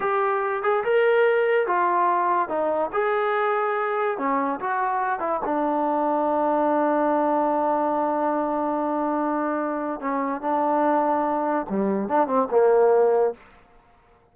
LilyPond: \new Staff \with { instrumentName = "trombone" } { \time 4/4 \tempo 4 = 144 g'4. gis'8 ais'2 | f'2 dis'4 gis'4~ | gis'2 cis'4 fis'4~ | fis'8 e'8 d'2.~ |
d'1~ | d'1 | cis'4 d'2. | g4 d'8 c'8 ais2 | }